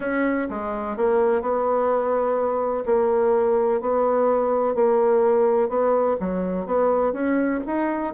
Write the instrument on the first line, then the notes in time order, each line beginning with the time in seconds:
bassoon
0.00 C#4
0.49 G#3
0.96 A#3
1.41 B3
2.85 A#3
3.81 B3
4.74 A#3
5.68 B3
6.19 F#3
6.66 B3
7.12 C#4
7.66 D#4